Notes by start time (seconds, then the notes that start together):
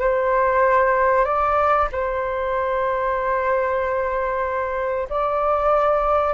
0.00 C5
1.25 D5
1.92 C5
5.10 D5